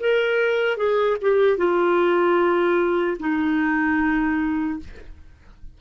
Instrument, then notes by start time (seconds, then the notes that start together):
clarinet
0.00 A#4
0.77 G#4
1.22 G4
1.58 F4
3.20 D#4